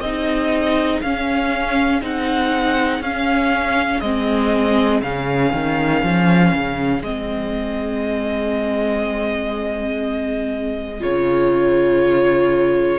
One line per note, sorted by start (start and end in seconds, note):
0.00 1.00 C4
0.00 1.04 D#4
0.00 12.99 G#4
0.00 1.01 D#5
1.01 2.02 C#4
1.01 2.01 C#4
1.01 2.01 F5
2.01 3.01 C4
2.01 3.01 D#4
2.01 3.02 F#5
3.01 4.01 C#4
3.01 4.03 C#4
3.01 4.01 F5
4.01 5.02 G#3
4.01 5.03 C4
4.01 5.01 D#5
5.02 5.53 C#3
5.02 7.04 C#4
5.02 7.02 F5
5.53 6.03 D#3
6.03 6.53 F3
6.54 7.02 C#3
7.02 11.02 G#3
7.02 11.01 C4
7.02 11.03 D#5
11.01 12.99 C#3
11.01 12.99 F4
11.01 12.99 C#5